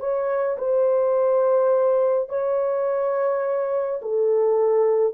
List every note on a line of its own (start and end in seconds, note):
0.00 0.57 C#5
0.58 2.29 C5
2.29 4.01 C#5
4.02 5.14 A4